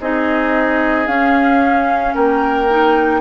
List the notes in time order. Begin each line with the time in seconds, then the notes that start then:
0.00 C4 D#4 G#4 D#5
1.07 C#4 F5
2.15 A#3 A#4 G5
2.69 D#4